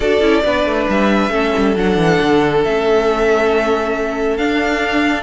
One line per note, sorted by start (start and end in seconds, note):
0.00 0.21 D4
0.00 0.21 F#4
0.00 0.43 A4
0.00 0.87 D5
0.21 0.43 C#4
0.21 0.43 E4
0.44 0.65 B3
0.44 1.30 D4
0.44 1.32 B4
0.65 0.87 A3
0.88 1.29 G3
0.88 1.77 E5
1.29 1.51 A3
1.29 1.74 C#4
1.29 5.22 A4
1.57 1.75 G3
1.75 1.96 F#3
1.75 2.64 D4
1.75 2.64 F#5
1.96 2.18 E3
2.21 2.64 D3
2.64 4.37 A3
2.64 4.39 C#4
2.64 4.37 E5
4.37 5.22 D4
4.37 5.22 F5